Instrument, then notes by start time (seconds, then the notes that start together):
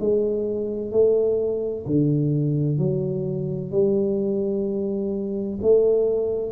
tuba
0.00 G#3
0.92 A3
1.86 D3
2.78 F#3
3.72 G3
5.62 A3